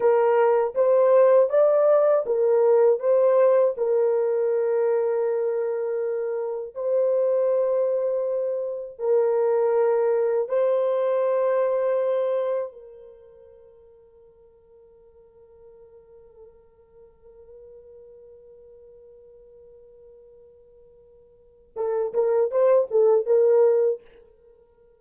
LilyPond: \new Staff \with { instrumentName = "horn" } { \time 4/4 \tempo 4 = 80 ais'4 c''4 d''4 ais'4 | c''4 ais'2.~ | ais'4 c''2. | ais'2 c''2~ |
c''4 ais'2.~ | ais'1~ | ais'1~ | ais'4 a'8 ais'8 c''8 a'8 ais'4 | }